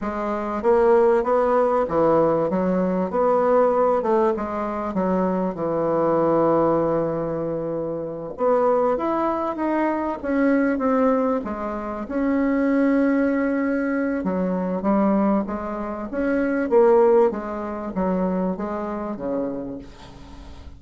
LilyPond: \new Staff \with { instrumentName = "bassoon" } { \time 4/4 \tempo 4 = 97 gis4 ais4 b4 e4 | fis4 b4. a8 gis4 | fis4 e2.~ | e4. b4 e'4 dis'8~ |
dis'8 cis'4 c'4 gis4 cis'8~ | cis'2. fis4 | g4 gis4 cis'4 ais4 | gis4 fis4 gis4 cis4 | }